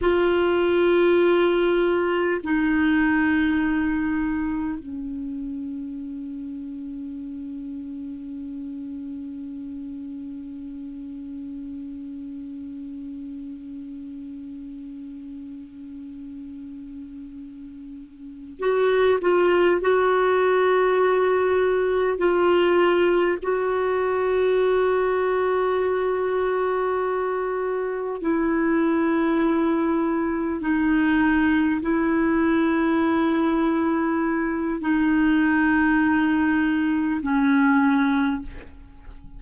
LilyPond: \new Staff \with { instrumentName = "clarinet" } { \time 4/4 \tempo 4 = 50 f'2 dis'2 | cis'1~ | cis'1~ | cis'2.~ cis'8 fis'8 |
f'8 fis'2 f'4 fis'8~ | fis'2.~ fis'8 e'8~ | e'4. dis'4 e'4.~ | e'4 dis'2 cis'4 | }